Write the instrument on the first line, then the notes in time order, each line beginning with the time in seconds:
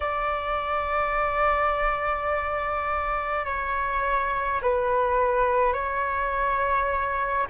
flute
0.00 D5
3.45 C#5
4.62 B4
5.73 C#5